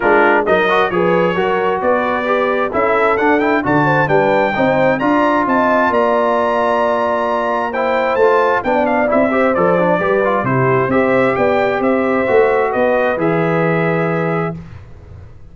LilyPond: <<
  \new Staff \with { instrumentName = "trumpet" } { \time 4/4 \tempo 4 = 132 ais'4 dis''4 cis''2 | d''2 e''4 fis''8 g''8 | a''4 g''2 ais''4 | a''4 ais''2.~ |
ais''4 g''4 a''4 g''8 f''8 | e''4 d''2 c''4 | e''4 g''4 e''2 | dis''4 e''2. | }
  \new Staff \with { instrumentName = "horn" } { \time 4/4 f'4 ais'4 b'4 ais'4 | b'2 a'2 | d''8 c''8 b'4 c''4 d''4 | dis''4 d''2.~ |
d''4 c''2 d''4~ | d''8 c''4. b'4 g'4 | c''4 d''4 c''2 | b'1 | }
  \new Staff \with { instrumentName = "trombone" } { \time 4/4 d'4 dis'8 fis'8 gis'4 fis'4~ | fis'4 g'4 e'4 d'8 e'8 | fis'4 d'4 dis'4 f'4~ | f'1~ |
f'4 e'4 f'4 d'4 | e'8 g'8 a'8 d'8 g'8 f'8 e'4 | g'2. fis'4~ | fis'4 gis'2. | }
  \new Staff \with { instrumentName = "tuba" } { \time 4/4 gis4 fis4 f4 fis4 | b2 cis'4 d'4 | d4 g4 c'4 d'4 | c'4 ais2.~ |
ais2 a4 b4 | c'4 f4 g4 c4 | c'4 b4 c'4 a4 | b4 e2. | }
>>